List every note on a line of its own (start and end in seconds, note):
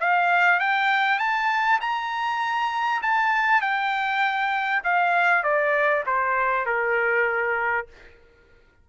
0.00 0.59 F5
0.59 1.19 G5
1.19 1.79 A5
1.80 3.02 A#5
3.02 3.61 A5
3.61 4.82 G5
4.83 5.43 F5
5.43 6.04 D5
6.06 6.66 C5
6.66 7.87 A#4